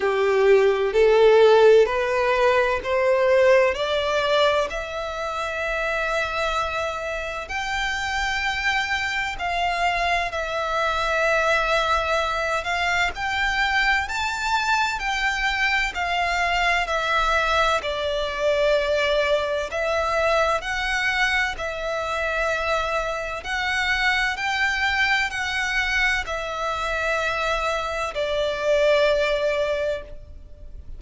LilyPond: \new Staff \with { instrumentName = "violin" } { \time 4/4 \tempo 4 = 64 g'4 a'4 b'4 c''4 | d''4 e''2. | g''2 f''4 e''4~ | e''4. f''8 g''4 a''4 |
g''4 f''4 e''4 d''4~ | d''4 e''4 fis''4 e''4~ | e''4 fis''4 g''4 fis''4 | e''2 d''2 | }